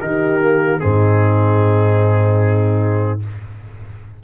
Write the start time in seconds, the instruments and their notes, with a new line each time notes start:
0.00 tuba D#3, trombone D#4, horn G4, trumpet A#4
0.41 trombone A#3
0.80 tuba G#2, trombone C4, horn D#4, trumpet G#4